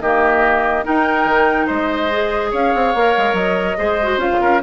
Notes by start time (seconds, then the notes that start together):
0.00 D#3 A#3 G4 D#5
0.84 D#4 A#4 G5
1.25 D#3
1.66 G#3 C5 D#5
2.11 G#4
2.51 C#4 C#5 F5
2.74 C4
2.94 A#3 A#4
3.17 G#3
3.33 F#3 D#5
3.77 G#3 G#4 C5
4.02 F#4
4.17 C#4 F4 F5
4.32 C#3
4.40 C#4 A#4